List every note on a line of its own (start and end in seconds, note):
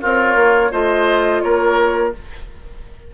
0.00 0.35 C4
0.00 0.71 F4
0.00 0.71 A#4
0.00 0.72 C#5
0.35 0.70 A#3
0.71 1.42 A3
0.71 2.12 F4
0.71 1.42 C5
0.71 1.41 D#5
1.41 2.14 A#3
1.41 2.14 A#4
1.41 2.12 C#5